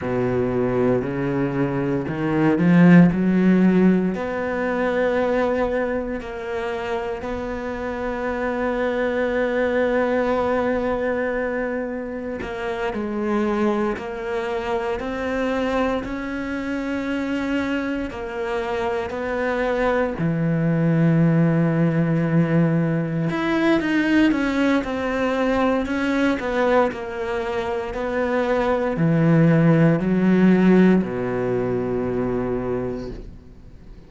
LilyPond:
\new Staff \with { instrumentName = "cello" } { \time 4/4 \tempo 4 = 58 b,4 cis4 dis8 f8 fis4 | b2 ais4 b4~ | b1 | ais8 gis4 ais4 c'4 cis'8~ |
cis'4. ais4 b4 e8~ | e2~ e8 e'8 dis'8 cis'8 | c'4 cis'8 b8 ais4 b4 | e4 fis4 b,2 | }